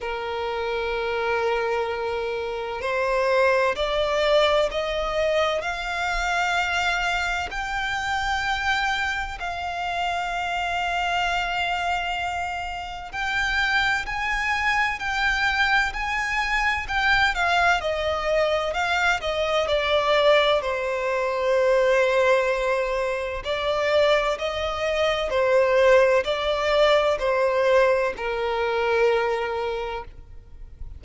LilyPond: \new Staff \with { instrumentName = "violin" } { \time 4/4 \tempo 4 = 64 ais'2. c''4 | d''4 dis''4 f''2 | g''2 f''2~ | f''2 g''4 gis''4 |
g''4 gis''4 g''8 f''8 dis''4 | f''8 dis''8 d''4 c''2~ | c''4 d''4 dis''4 c''4 | d''4 c''4 ais'2 | }